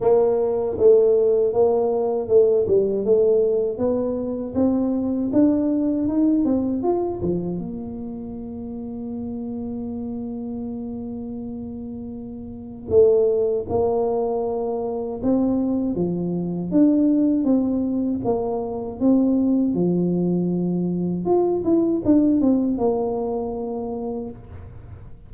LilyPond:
\new Staff \with { instrumentName = "tuba" } { \time 4/4 \tempo 4 = 79 ais4 a4 ais4 a8 g8 | a4 b4 c'4 d'4 | dis'8 c'8 f'8 f8 ais2~ | ais1~ |
ais4 a4 ais2 | c'4 f4 d'4 c'4 | ais4 c'4 f2 | f'8 e'8 d'8 c'8 ais2 | }